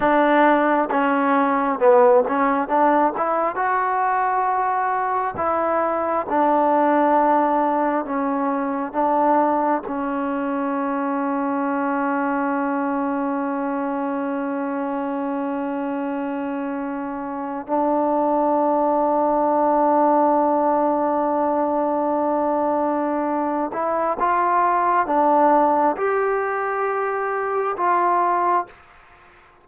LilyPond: \new Staff \with { instrumentName = "trombone" } { \time 4/4 \tempo 4 = 67 d'4 cis'4 b8 cis'8 d'8 e'8 | fis'2 e'4 d'4~ | d'4 cis'4 d'4 cis'4~ | cis'1~ |
cis'2.~ cis'8. d'16~ | d'1~ | d'2~ d'8 e'8 f'4 | d'4 g'2 f'4 | }